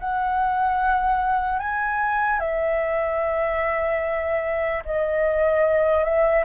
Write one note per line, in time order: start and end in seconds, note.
0.00 1.60 F#5
1.60 2.40 G#5
2.40 4.83 E5
4.85 6.04 D#5
6.04 6.45 E5